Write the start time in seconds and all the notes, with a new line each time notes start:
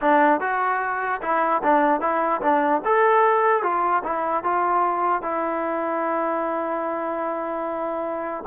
0.01 D4
0.40 F#4
1.22 E4
1.63 D4
2.01 E4
2.41 D4
2.84 A4
3.62 F4
4.03 E4
4.43 F4
5.21 E4